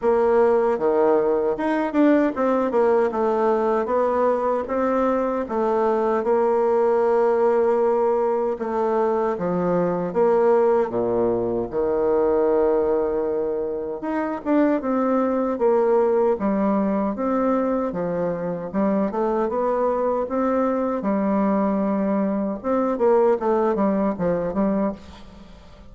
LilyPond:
\new Staff \with { instrumentName = "bassoon" } { \time 4/4 \tempo 4 = 77 ais4 dis4 dis'8 d'8 c'8 ais8 | a4 b4 c'4 a4 | ais2. a4 | f4 ais4 ais,4 dis4~ |
dis2 dis'8 d'8 c'4 | ais4 g4 c'4 f4 | g8 a8 b4 c'4 g4~ | g4 c'8 ais8 a8 g8 f8 g8 | }